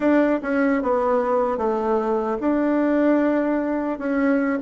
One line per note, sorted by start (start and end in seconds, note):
0.00 0.40 D4
0.42 0.82 C#4
0.82 1.57 B3
1.57 2.37 A3
2.40 3.98 D4
3.98 4.58 C#4